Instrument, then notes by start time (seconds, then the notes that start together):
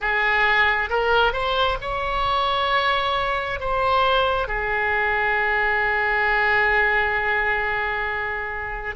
oboe
0.01 G#4
0.89 A#4
1.32 C5
1.81 C#5
3.60 C5
4.47 G#4